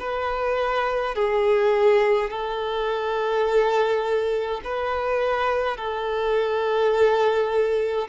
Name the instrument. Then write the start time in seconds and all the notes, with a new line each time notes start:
violin
0.00 B4
1.15 G#4
2.30 A4
4.65 B4
5.77 A4